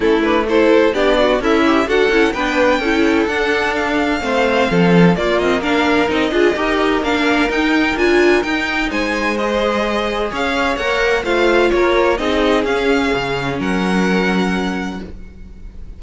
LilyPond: <<
  \new Staff \with { instrumentName = "violin" } { \time 4/4 \tempo 4 = 128 a'8 b'8 c''4 d''4 e''4 | fis''4 g''2 fis''4 | f''2. d''8 dis''8 | f''4 dis''2 f''4 |
g''4 gis''4 g''4 gis''4 | dis''2 f''4 fis''4 | f''4 cis''4 dis''4 f''4~ | f''4 fis''2. | }
  \new Staff \with { instrumentName = "violin" } { \time 4/4 e'4 a'4 g'8 fis'8 e'4 | a'4 b'4 a'2~ | a'4 c''4 a'4 f'4 | ais'4. gis'8 ais'2~ |
ais'2. c''4~ | c''2 cis''2 | c''4 ais'4 gis'2~ | gis'4 ais'2. | }
  \new Staff \with { instrumentName = "viola" } { \time 4/4 cis'8 d'8 e'4 d'4 a'8 g'8 | fis'8 e'8 d'4 e'4 d'4~ | d'4 c'2 ais8 c'8 | d'4 dis'8 f'8 g'4 d'4 |
dis'4 f'4 dis'2 | gis'2. ais'4 | f'2 dis'4 cis'4~ | cis'1 | }
  \new Staff \with { instrumentName = "cello" } { \time 4/4 a2 b4 cis'4 | d'8 cis'8 b4 cis'4 d'4~ | d'4 a4 f4 ais4~ | ais4 c'8 d'8 dis'4 ais4 |
dis'4 d'4 dis'4 gis4~ | gis2 cis'4 ais4 | a4 ais4 c'4 cis'4 | cis4 fis2. | }
>>